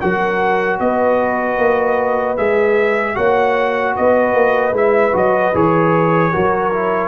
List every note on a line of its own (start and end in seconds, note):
0.00 0.80 F#3
0.00 2.37 F#4
0.00 0.79 A#4
0.00 0.79 F#5
0.79 1.58 B3
0.79 3.16 B4
0.79 2.37 D#5
1.58 2.37 A#3
2.37 3.17 G#3
2.37 3.15 G#4
2.37 3.15 E5
3.15 3.96 A#3
3.15 4.73 F#4
3.15 3.95 C#5
3.15 3.94 F#5
3.95 4.34 B3
3.95 6.32 B4
3.95 4.75 D#5
4.34 4.72 A#3
4.72 5.12 G#3
4.72 5.12 E4
4.72 5.16 E5
5.12 5.53 F#3
5.12 5.52 F#4
5.12 5.55 D#5
5.54 6.33 E3
5.54 6.32 G#4
5.54 7.08 C#5
6.32 7.08 F#3
6.32 6.72 F#4
6.32 7.08 A#4
6.72 7.08 E4